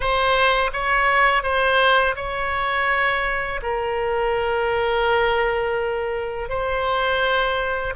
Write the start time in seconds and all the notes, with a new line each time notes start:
0.00 C5
0.73 C#5
1.43 C5
2.15 C#5
3.62 A#4
6.49 C5